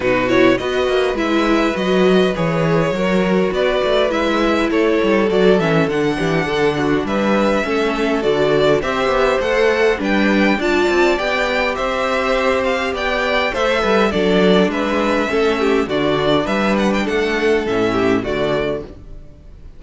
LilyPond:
<<
  \new Staff \with { instrumentName = "violin" } { \time 4/4 \tempo 4 = 102 b'8 cis''8 dis''4 e''4 dis''4 | cis''2 d''4 e''4 | cis''4 d''8 e''8 fis''2 | e''2 d''4 e''4 |
fis''4 g''4 a''4 g''4 | e''4. f''8 g''4 e''4 | d''4 e''2 d''4 | e''8 fis''16 g''16 fis''4 e''4 d''4 | }
  \new Staff \with { instrumentName = "violin" } { \time 4/4 fis'4 b'2.~ | b'4 ais'4 b'2 | a'2~ a'8 g'8 a'8 fis'8 | b'4 a'2 c''4~ |
c''4 b'4 d''2 | c''2 d''4 c''8 b'8 | a'4 b'4 a'8 g'8 fis'4 | b'4 a'4. g'8 fis'4 | }
  \new Staff \with { instrumentName = "viola" } { \time 4/4 dis'8 e'8 fis'4 e'4 fis'4 | gis'4 fis'2 e'4~ | e'4 fis'8 cis'8 d'2~ | d'4 cis'4 fis'4 g'4 |
a'4 d'4 f'4 g'4~ | g'2. a'4 | d'2 cis'4 d'4~ | d'2 cis'4 a4 | }
  \new Staff \with { instrumentName = "cello" } { \time 4/4 b,4 b8 ais8 gis4 fis4 | e4 fis4 b8 a8 gis4 | a8 g8 fis8 e8 d8 e8 d4 | g4 a4 d4 c'8 b8 |
a4 g4 d'8 c'8 b4 | c'2 b4 a8 g8 | fis4 gis4 a4 d4 | g4 a4 a,4 d4 | }
>>